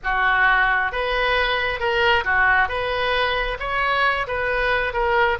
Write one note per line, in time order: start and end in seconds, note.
0.03 0.92 F#4
0.92 1.79 B4
1.79 2.24 A#4
2.24 2.68 F#4
2.68 3.57 B4
3.59 4.26 C#5
4.27 4.93 B4
4.93 5.37 A#4